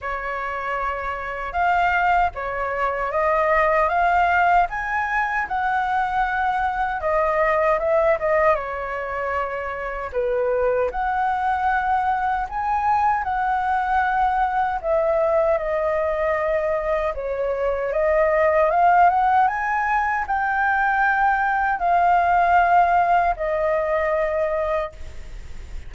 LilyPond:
\new Staff \with { instrumentName = "flute" } { \time 4/4 \tempo 4 = 77 cis''2 f''4 cis''4 | dis''4 f''4 gis''4 fis''4~ | fis''4 dis''4 e''8 dis''8 cis''4~ | cis''4 b'4 fis''2 |
gis''4 fis''2 e''4 | dis''2 cis''4 dis''4 | f''8 fis''8 gis''4 g''2 | f''2 dis''2 | }